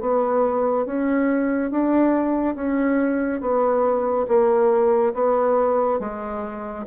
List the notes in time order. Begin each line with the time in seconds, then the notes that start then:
0.00 B3
0.85 C#4
1.70 D4
2.55 C#4
3.41 B3
4.28 A#3
5.14 B3
5.99 G#3